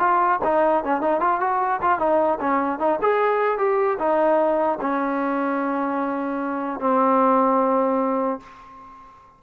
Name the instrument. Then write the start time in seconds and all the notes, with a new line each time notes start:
trombone
0.00 F4
0.44 D#4
0.84 C#4
1.02 D#4
1.21 F4
1.41 F#4
1.82 F4
1.99 D#4
2.41 C#4
2.80 D#4
3.02 G#4
3.59 G4
3.99 D#4
4.81 C#4
6.81 C4